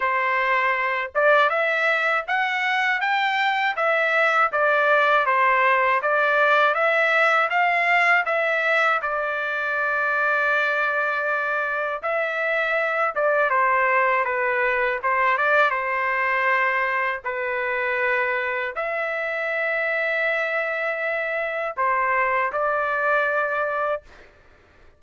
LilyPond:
\new Staff \with { instrumentName = "trumpet" } { \time 4/4 \tempo 4 = 80 c''4. d''8 e''4 fis''4 | g''4 e''4 d''4 c''4 | d''4 e''4 f''4 e''4 | d''1 |
e''4. d''8 c''4 b'4 | c''8 d''8 c''2 b'4~ | b'4 e''2.~ | e''4 c''4 d''2 | }